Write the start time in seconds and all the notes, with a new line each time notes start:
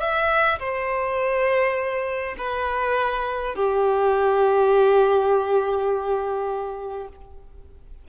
0.00 E5
0.59 C5
2.38 B4
3.55 G4